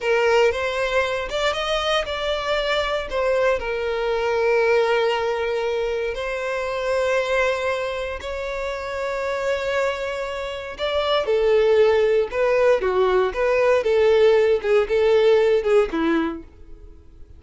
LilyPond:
\new Staff \with { instrumentName = "violin" } { \time 4/4 \tempo 4 = 117 ais'4 c''4. d''8 dis''4 | d''2 c''4 ais'4~ | ais'1 | c''1 |
cis''1~ | cis''4 d''4 a'2 | b'4 fis'4 b'4 a'4~ | a'8 gis'8 a'4. gis'8 e'4 | }